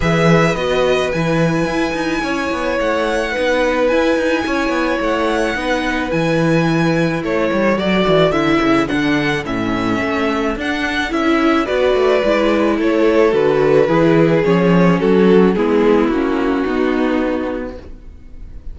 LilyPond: <<
  \new Staff \with { instrumentName = "violin" } { \time 4/4 \tempo 4 = 108 e''4 dis''4 gis''2~ | gis''4 fis''2 gis''4~ | gis''4 fis''2 gis''4~ | gis''4 cis''4 d''4 e''4 |
fis''4 e''2 fis''4 | e''4 d''2 cis''4 | b'2 cis''4 a'4 | gis'4 fis'2. | }
  \new Staff \with { instrumentName = "violin" } { \time 4/4 b'1 | cis''2 b'2 | cis''2 b'2~ | b'4 a'2.~ |
a'1~ | a'4 b'2 a'4~ | a'4 gis'2 fis'4 | e'2 dis'2 | }
  \new Staff \with { instrumentName = "viola" } { \time 4/4 gis'4 fis'4 e'2~ | e'2 dis'4 e'4~ | e'2 dis'4 e'4~ | e'2 fis'4 e'4 |
d'4 cis'2 d'4 | e'4 fis'4 e'2 | fis'4 e'4 cis'2 | b4 cis'4 b2 | }
  \new Staff \with { instrumentName = "cello" } { \time 4/4 e4 b4 e4 e'8 dis'8 | cis'8 b8 a4 b4 e'8 dis'8 | cis'8 b8 a4 b4 e4~ | e4 a8 g8 fis8 e8 d8 cis8 |
d4 a,4 a4 d'4 | cis'4 b8 a8 gis4 a4 | d4 e4 f4 fis4 | gis4 ais4 b2 | }
>>